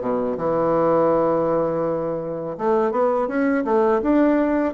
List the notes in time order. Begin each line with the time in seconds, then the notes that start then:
0.00 B2
0.37 E3
2.57 A3
2.91 B3
3.27 C#4
3.64 A3
4.02 D4